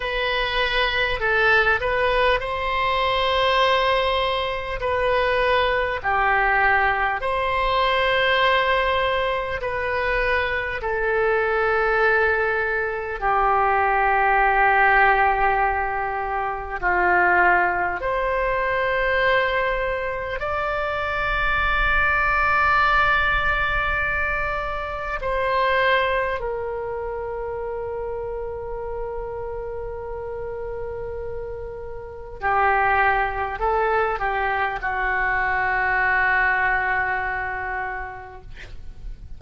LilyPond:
\new Staff \with { instrumentName = "oboe" } { \time 4/4 \tempo 4 = 50 b'4 a'8 b'8 c''2 | b'4 g'4 c''2 | b'4 a'2 g'4~ | g'2 f'4 c''4~ |
c''4 d''2.~ | d''4 c''4 ais'2~ | ais'2. g'4 | a'8 g'8 fis'2. | }